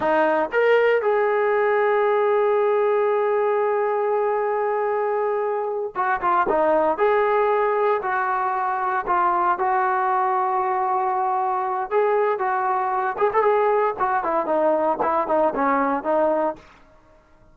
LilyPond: \new Staff \with { instrumentName = "trombone" } { \time 4/4 \tempo 4 = 116 dis'4 ais'4 gis'2~ | gis'1~ | gis'2.~ gis'8 fis'8 | f'8 dis'4 gis'2 fis'8~ |
fis'4. f'4 fis'4.~ | fis'2. gis'4 | fis'4. gis'16 a'16 gis'4 fis'8 e'8 | dis'4 e'8 dis'8 cis'4 dis'4 | }